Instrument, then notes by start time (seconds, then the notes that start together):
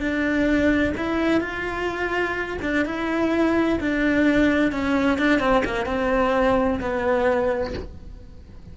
cello
0.00 D4
0.97 E4
1.40 F4
2.62 D4
2.85 E4
3.80 D4
4.72 C#4
5.18 D4
5.39 C4
5.64 A#3
5.86 C4
6.80 B3